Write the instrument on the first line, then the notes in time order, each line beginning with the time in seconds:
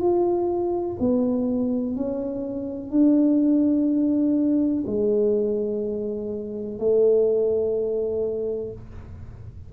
tuba
0.00 F4
0.99 B3
1.96 C#4
2.90 D4
4.87 G#3
6.78 A3